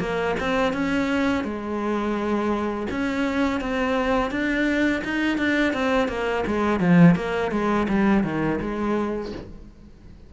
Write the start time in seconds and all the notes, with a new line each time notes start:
0.00 A#3
0.40 C4
0.73 C#4
1.44 G#3
2.91 C#4
3.60 C4
4.31 D4
5.05 D#4
5.38 D4
5.73 C4
6.08 A#3
6.47 G#3
6.80 F3
7.16 A#3
7.51 G#3
7.89 G3
8.24 D#3
8.61 G#3